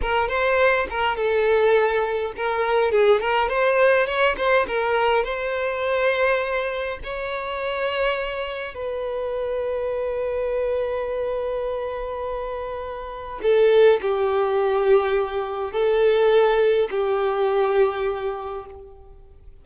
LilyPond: \new Staff \with { instrumentName = "violin" } { \time 4/4 \tempo 4 = 103 ais'8 c''4 ais'8 a'2 | ais'4 gis'8 ais'8 c''4 cis''8 c''8 | ais'4 c''2. | cis''2. b'4~ |
b'1~ | b'2. a'4 | g'2. a'4~ | a'4 g'2. | }